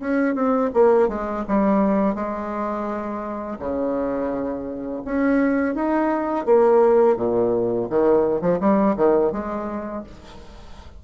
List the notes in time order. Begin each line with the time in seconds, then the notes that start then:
0.00 C#4
0.34 C4
0.73 A#3
1.08 G#3
1.48 G3
2.15 G#3
3.59 C#3
5.05 C#4
5.75 D#4
6.45 A#3
7.16 A#2
7.89 D#3
8.41 F3
8.60 G3
8.96 D#3
9.32 G#3